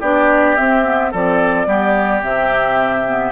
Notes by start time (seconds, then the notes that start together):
0.00 B3 D4 G4 D5
0.56 C4 E5
0.84 B3
1.11 F3 C4 A4 D5
1.66 G3 B3 G4
2.22 C3 C4 E5
3.07 B3